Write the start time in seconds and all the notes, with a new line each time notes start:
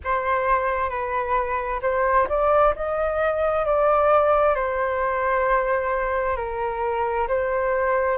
0.04 C5
0.89 B4
1.82 C5
2.29 D5
2.75 D#5
3.65 D5
4.55 C5
6.36 A#4
7.28 C5